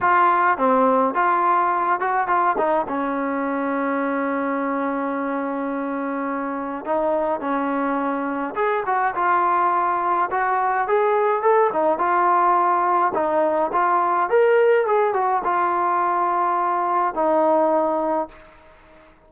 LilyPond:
\new Staff \with { instrumentName = "trombone" } { \time 4/4 \tempo 4 = 105 f'4 c'4 f'4. fis'8 | f'8 dis'8 cis'2.~ | cis'1 | dis'4 cis'2 gis'8 fis'8 |
f'2 fis'4 gis'4 | a'8 dis'8 f'2 dis'4 | f'4 ais'4 gis'8 fis'8 f'4~ | f'2 dis'2 | }